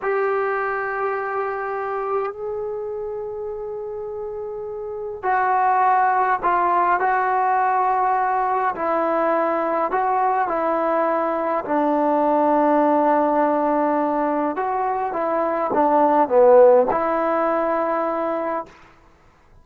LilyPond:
\new Staff \with { instrumentName = "trombone" } { \time 4/4 \tempo 4 = 103 g'1 | gis'1~ | gis'4 fis'2 f'4 | fis'2. e'4~ |
e'4 fis'4 e'2 | d'1~ | d'4 fis'4 e'4 d'4 | b4 e'2. | }